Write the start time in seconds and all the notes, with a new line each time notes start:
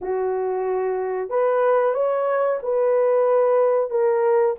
0.01 F#4
1.29 B4
1.94 C#5
2.62 B4
3.90 A#4